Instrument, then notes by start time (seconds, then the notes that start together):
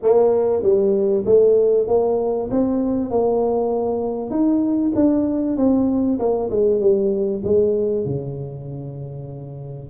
tuba
0.02 A#3
0.62 G3
1.25 A3
1.87 A#3
2.51 C4
3.10 A#3
4.30 D#4
4.95 D4
5.56 C4
6.19 A#3
6.50 G#3
6.80 G3
7.43 G#3
8.05 C#3